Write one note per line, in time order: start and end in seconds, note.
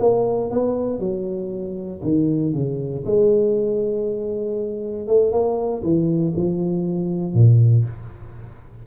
0.00 0.51 A#3
0.51 0.99 B3
0.99 2.01 F#3
2.03 2.54 D#3
2.54 3.05 C#3
3.06 5.08 G#3
5.08 5.32 A3
5.32 5.83 A#3
5.83 6.34 E3
6.37 7.34 F3
7.34 7.85 A#2